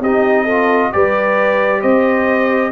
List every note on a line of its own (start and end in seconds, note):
0.00 0.90 C4
0.00 0.47 D#4
0.00 0.44 G4
0.00 0.92 D#5
0.44 0.93 F4
0.44 0.89 A4
0.92 1.83 G3
0.92 2.71 G4
0.92 1.80 B4
0.92 1.81 D5
1.80 2.71 C4
1.80 2.70 C5
1.80 2.71 D#5